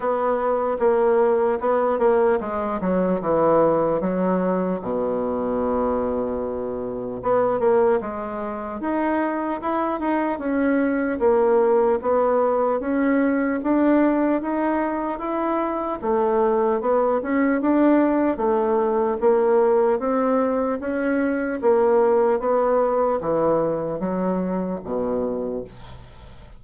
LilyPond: \new Staff \with { instrumentName = "bassoon" } { \time 4/4 \tempo 4 = 75 b4 ais4 b8 ais8 gis8 fis8 | e4 fis4 b,2~ | b,4 b8 ais8 gis4 dis'4 | e'8 dis'8 cis'4 ais4 b4 |
cis'4 d'4 dis'4 e'4 | a4 b8 cis'8 d'4 a4 | ais4 c'4 cis'4 ais4 | b4 e4 fis4 b,4 | }